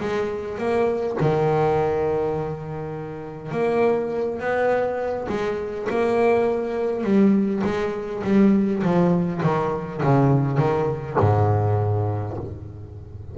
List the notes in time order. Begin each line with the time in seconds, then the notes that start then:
0.00 G#3
0.58 A#3
1.21 D#3
3.52 A#3
4.39 B3
5.29 G#3
5.89 A#3
7.04 G3
7.64 G#3
8.24 G3
8.83 F3
9.43 D#3
10.03 C#3
10.58 D#3
11.20 G#2